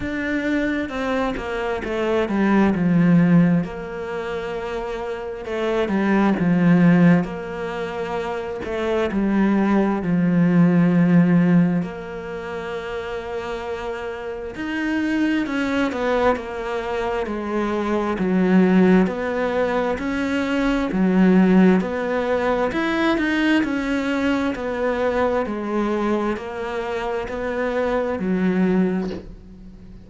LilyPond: \new Staff \with { instrumentName = "cello" } { \time 4/4 \tempo 4 = 66 d'4 c'8 ais8 a8 g8 f4 | ais2 a8 g8 f4 | ais4. a8 g4 f4~ | f4 ais2. |
dis'4 cis'8 b8 ais4 gis4 | fis4 b4 cis'4 fis4 | b4 e'8 dis'8 cis'4 b4 | gis4 ais4 b4 fis4 | }